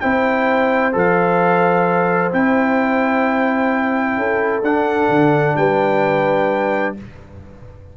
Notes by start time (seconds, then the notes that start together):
0.00 C4 E4 C5 G5
0.92 F3 A4 F5
2.31 C4 E4 G5
4.17 C#4 A4
4.62 D4 F#5
5.08 D3
5.56 G3 B4 G5